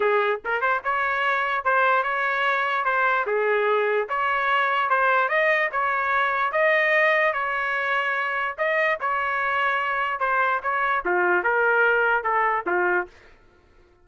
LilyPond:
\new Staff \with { instrumentName = "trumpet" } { \time 4/4 \tempo 4 = 147 gis'4 ais'8 c''8 cis''2 | c''4 cis''2 c''4 | gis'2 cis''2 | c''4 dis''4 cis''2 |
dis''2 cis''2~ | cis''4 dis''4 cis''2~ | cis''4 c''4 cis''4 f'4 | ais'2 a'4 f'4 | }